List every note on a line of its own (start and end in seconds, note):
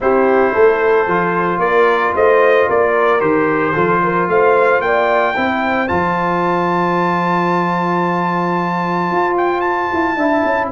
0.00 0.54 C4
0.00 1.07 E4
0.00 0.53 G4
0.00 1.59 C5
0.53 1.07 A3
0.53 1.60 A4
1.07 1.58 F3
1.07 3.20 F4
1.58 2.12 A#3
1.58 2.14 A#4
1.58 2.13 D5
2.14 2.67 A3
2.14 2.67 C5
2.14 2.69 D#5
2.67 3.21 A#3
2.67 3.74 A#4
2.67 3.20 D5
3.20 3.74 D#3
3.20 3.73 G4
3.20 4.27 C5
3.74 4.28 F3
3.74 5.34 F4
3.74 4.00 A4
4.03 4.30 A#4
4.28 4.80 A3
4.28 4.84 C5
4.28 4.81 F5
4.80 5.33 A#3
4.80 5.36 D5
4.80 5.88 G5
5.36 5.90 C4
5.36 5.88 E4
5.36 10.16 C5
5.88 9.11 F3
5.88 10.16 F4
5.88 9.36 A5
9.11 9.91 F4
9.37 9.60 G5
9.60 10.68 A5
9.92 10.16 E4
10.16 10.43 D4
10.16 10.72 E4
10.16 10.70 E5
10.44 10.71 C#4